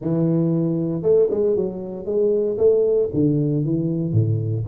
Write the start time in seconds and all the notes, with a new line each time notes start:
0.01 E3
1.02 A3
1.30 G#3
1.56 F#3
2.05 G#3
2.57 A3
3.13 D3
3.64 E3
4.12 A2